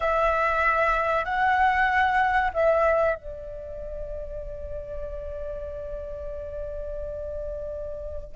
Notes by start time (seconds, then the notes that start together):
0.00 E5
1.25 F#5
2.53 E5
3.15 D5